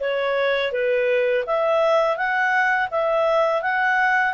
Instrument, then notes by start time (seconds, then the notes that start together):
clarinet
0.00 C#5
0.72 B4
1.46 E5
2.17 F#5
2.91 E5
3.62 F#5